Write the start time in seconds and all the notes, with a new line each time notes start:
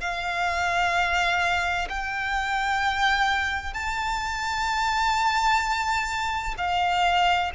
0.00 F5
1.89 G5
3.73 A5
6.57 F5